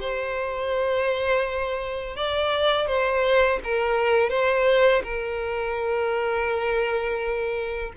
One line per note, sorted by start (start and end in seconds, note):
0.00 2.16 C5
2.16 2.87 D5
2.87 3.59 C5
3.63 4.29 A#4
4.29 5.02 C5
5.03 7.92 A#4